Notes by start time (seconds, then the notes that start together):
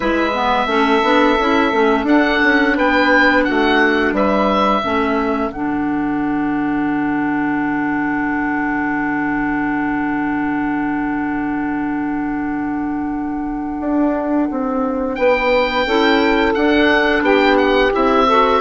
0.00 G#3 E4 B4 E5
0.33 B3
0.66 A3 C#4 A4
1.03 B3 D4
1.39 C#4 E4
1.71 A3 C#4
2.03 D4 F#5
2.43 C#4
2.75 B3 B4 G5
3.44 A3 F#4 F#5
4.12 G3 B4 E5
4.81 A3 C#4 A4
5.49 D3 D4 F#5
13.80 D4
14.50 C4
15.15 B3 B4 G5
15.85 C#4 E4 A4
16.54 D4 F#5
17.21 B3 G4 G5
17.57 F#5
17.91 C4 E4 E5
18.26 F#4 A4